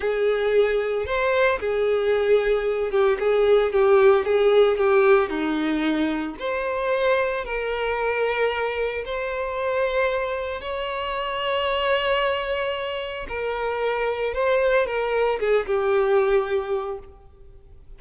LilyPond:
\new Staff \with { instrumentName = "violin" } { \time 4/4 \tempo 4 = 113 gis'2 c''4 gis'4~ | gis'4. g'8 gis'4 g'4 | gis'4 g'4 dis'2 | c''2 ais'2~ |
ais'4 c''2. | cis''1~ | cis''4 ais'2 c''4 | ais'4 gis'8 g'2~ g'8 | }